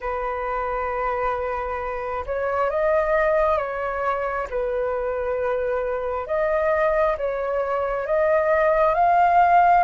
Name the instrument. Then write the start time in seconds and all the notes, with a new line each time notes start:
flute
0.00 B4
2.26 C#5
2.70 D#5
3.57 C#5
4.49 B4
6.26 D#5
7.17 C#5
8.06 D#5
8.94 F5